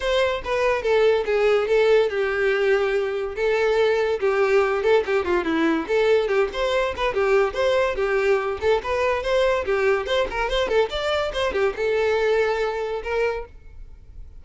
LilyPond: \new Staff \with { instrumentName = "violin" } { \time 4/4 \tempo 4 = 143 c''4 b'4 a'4 gis'4 | a'4 g'2. | a'2 g'4. a'8 | g'8 f'8 e'4 a'4 g'8 c''8~ |
c''8 b'8 g'4 c''4 g'4~ | g'8 a'8 b'4 c''4 g'4 | c''8 ais'8 c''8 a'8 d''4 c''8 g'8 | a'2. ais'4 | }